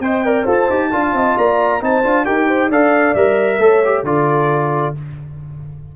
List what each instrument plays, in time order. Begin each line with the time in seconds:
0.00 tuba C4, trombone C5, horn D#5, trumpet G5
0.25 trombone A#4, horn D5
0.43 tuba F4, trombone A4, horn C5
0.51 trumpet A5
0.69 tuba D#4, trombone G4
0.92 tuba D4, trombone F4, horn F5
1.13 tuba C4, horn D#5
1.37 tuba A#3, horn D5, trumpet A#5
1.81 tuba C4, trombone D#4, horn C5, trumpet A5
2.03 tuba D4, trombone F4
2.25 tuba D#4, trombone G4, horn A#4, trumpet G5
2.47 horn C5
2.68 tuba D4, trombone A4, horn D5, trumpet F5
3.14 tuba G3, trombone A#4, trumpet E5
3.58 tuba A3, trombone A4, horn C#5
3.85 trombone G4
4.03 tuba D3, trombone F4, horn A4, trumpet D5